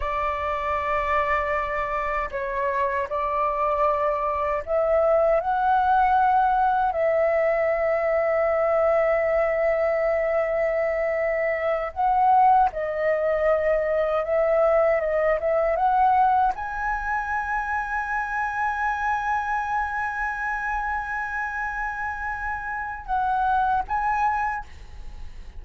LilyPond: \new Staff \with { instrumentName = "flute" } { \time 4/4 \tempo 4 = 78 d''2. cis''4 | d''2 e''4 fis''4~ | fis''4 e''2.~ | e''2.~ e''8 fis''8~ |
fis''8 dis''2 e''4 dis''8 | e''8 fis''4 gis''2~ gis''8~ | gis''1~ | gis''2 fis''4 gis''4 | }